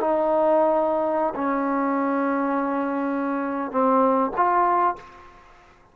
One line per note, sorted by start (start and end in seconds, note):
0.00 1.34 D#4
1.35 3.72 C#4
3.72 4.31 C4
4.36 4.96 F4